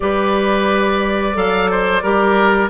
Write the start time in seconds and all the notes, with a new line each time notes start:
0.00 G3 G4 B4 D5
1.34 F#3 A4 F5
1.70 C5
2.02 G3 G4 A#4